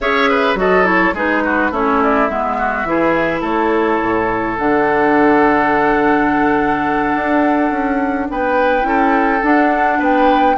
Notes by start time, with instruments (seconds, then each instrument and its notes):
0.00 bassoon C#4, clarinet G#4, oboe C#5, flute E5
0.29 oboe B4
0.55 bassoon F#3, clarinet F#4, oboe A4, flute D#5
0.84 clarinet E4, flute C#5
1.13 bassoon G#3, clarinet D#4, oboe G#4, flute B4
1.44 oboe F#4
1.71 bassoon A3, clarinet C#4, oboe E4, flute C#5
2.03 flute D5
2.27 bassoon G#3, clarinet B3, flute E5
2.58 oboe F#4
2.84 bassoon E3, clarinet E4, oboe G#4
3.40 bassoon A3, oboe A4, flute C#5
4.02 bassoon A2
4.57 bassoon D3, clarinet D4, flute F#5
7.15 bassoon D4
7.70 bassoon C#4
8.30 bassoon B3, oboe B4, flute G5
8.81 bassoon C#4, clarinet E4, oboe A4
9.43 bassoon D4, clarinet D4, flute F#5
9.98 bassoon B3, oboe B4, flute G5